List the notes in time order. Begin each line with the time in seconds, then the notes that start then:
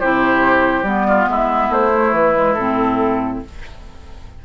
0.00 C3 E4 G4 C5
0.83 G3 B3 D5
1.08 F4
1.28 G#3 E4 E5
1.70 A3 C5
1.94 A3
2.12 E3 B4
2.35 G#3
2.54 A2 C4 A4